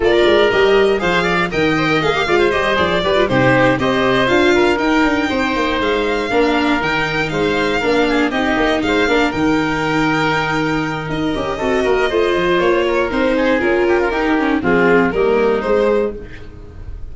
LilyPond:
<<
  \new Staff \with { instrumentName = "violin" } { \time 4/4 \tempo 4 = 119 d''4 dis''4 f''4 g''4 | f''4 dis''8 d''4 c''4 dis''8~ | dis''8 f''4 g''2 f''8~ | f''4. g''4 f''4.~ |
f''8 dis''4 f''4 g''4.~ | g''2 dis''2~ | dis''4 cis''4 c''4 ais'4~ | ais'4 gis'4 ais'4 c''4 | }
  \new Staff \with { instrumentName = "oboe" } { \time 4/4 ais'2 c''8 d''8 dis''4~ | dis''8 d''16 c''4~ c''16 b'8 g'4 c''8~ | c''4 ais'4. c''4.~ | c''8 ais'2 c''4 ais'8 |
gis'8 g'4 c''8 ais'2~ | ais'2. a'8 ais'8 | c''4. ais'4 gis'4 g'16 f'16 | g'4 f'4 dis'2 | }
  \new Staff \with { instrumentName = "viola" } { \time 4/4 f'4 g'4 gis'4 ais'8 c''16 ais'16 | gis'16 g'16 f'8 g'8 gis'8 g'16 f'16 dis'4 g'8~ | g'8 f'4 dis'2~ dis'8~ | dis'8 d'4 dis'2 d'8~ |
d'8 dis'4. d'8 dis'4.~ | dis'2~ dis'8 g'8 fis'4 | f'2 dis'4 f'4 | dis'8 cis'8 c'4 ais4 gis4 | }
  \new Staff \with { instrumentName = "tuba" } { \time 4/4 ais8 gis8 g4 f4 dis4 | ais8 gis8 g8 f8 g8 c4 c'8~ | c'8 d'4 dis'8 d'8 c'8 ais8 gis8~ | gis8 ais4 dis4 gis4 ais8~ |
ais8 c'8 ais8 gis8 ais8 dis4.~ | dis2 dis'8 cis'8 c'8 ais8 | a8 f8 ais4 c'4 cis'4 | dis'4 f4 g4 gis4 | }
>>